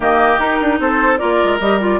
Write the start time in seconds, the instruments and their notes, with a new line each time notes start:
0.00 bassoon D#3, clarinet A#3, oboe G4, flute D#5
0.38 bassoon D#4, clarinet D#4, flute A#4
0.61 bassoon D4
0.79 bassoon C4, oboe A4, flute C5
1.17 bassoon A#3, clarinet F4, oboe A#4, flute D5
1.43 bassoon G#3
1.60 bassoon G3, clarinet G4, flute D#5
1.80 clarinet F4, flute D5